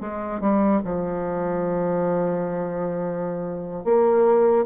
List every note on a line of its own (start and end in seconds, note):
0.00 0.40 G#3
0.40 0.80 G3
0.84 3.84 F3
3.84 4.65 A#3